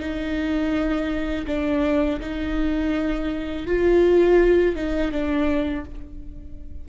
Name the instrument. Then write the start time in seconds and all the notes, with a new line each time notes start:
viola
0.00 D#4
1.47 D4
2.21 D#4
3.67 F4
4.76 D#4
5.12 D4